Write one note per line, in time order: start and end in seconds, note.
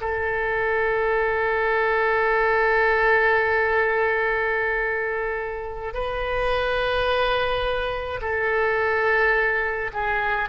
0.00 5.93 A4
5.93 8.20 B4
8.21 9.91 A4
9.93 10.48 G#4